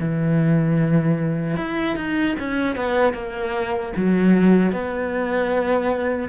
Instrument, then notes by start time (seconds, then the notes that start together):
cello
0.00 E3
1.57 E4
1.96 D#4
2.39 C#4
2.76 B3
3.14 A#3
3.97 F#3
4.73 B3